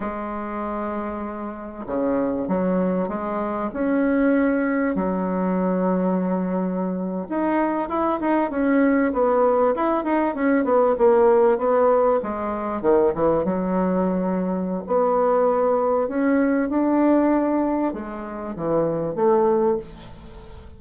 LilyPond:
\new Staff \with { instrumentName = "bassoon" } { \time 4/4 \tempo 4 = 97 gis2. cis4 | fis4 gis4 cis'2 | fis2.~ fis8. dis'16~ | dis'8. e'8 dis'8 cis'4 b4 e'16~ |
e'16 dis'8 cis'8 b8 ais4 b4 gis16~ | gis8. dis8 e8 fis2~ fis16 | b2 cis'4 d'4~ | d'4 gis4 e4 a4 | }